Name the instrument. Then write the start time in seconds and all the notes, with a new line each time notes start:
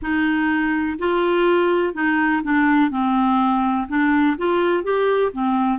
clarinet
0.01 D#4
0.99 F4
1.94 D#4
2.43 D4
2.90 C4
3.88 D4
4.37 F4
4.83 G4
5.32 C4